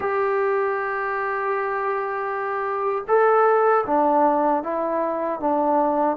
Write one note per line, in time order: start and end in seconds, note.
0.00 3.04 G4
3.08 3.85 A4
3.86 4.63 D4
4.63 5.40 E4
5.40 6.16 D4